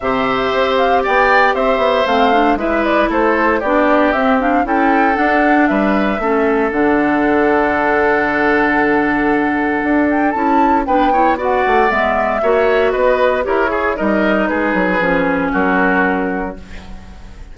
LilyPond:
<<
  \new Staff \with { instrumentName = "flute" } { \time 4/4 \tempo 4 = 116 e''4. f''8 g''4 e''4 | f''4 e''8 d''8 c''4 d''4 | e''8 f''8 g''4 fis''4 e''4~ | e''4 fis''2.~ |
fis''2.~ fis''8 g''8 | a''4 g''4 fis''4 e''4~ | e''4 dis''4 cis''4 dis''4 | b'2 ais'2 | }
  \new Staff \with { instrumentName = "oboe" } { \time 4/4 c''2 d''4 c''4~ | c''4 b'4 a'4 g'4~ | g'4 a'2 b'4 | a'1~ |
a'1~ | a'4 b'8 cis''8 d''2 | cis''4 b'4 ais'8 gis'8 ais'4 | gis'2 fis'2 | }
  \new Staff \with { instrumentName = "clarinet" } { \time 4/4 g'1 | c'8 d'8 e'2 d'4 | c'8 d'8 e'4 d'2 | cis'4 d'2.~ |
d'1 | e'4 d'8 e'8 fis'4 b4 | fis'2 g'8 gis'8 dis'4~ | dis'4 cis'2. | }
  \new Staff \with { instrumentName = "bassoon" } { \time 4/4 c4 c'4 b4 c'8 b8 | a4 gis4 a4 b4 | c'4 cis'4 d'4 g4 | a4 d2.~ |
d2. d'4 | cis'4 b4. a8 gis4 | ais4 b4 e'4 g4 | gis8 fis8 f4 fis2 | }
>>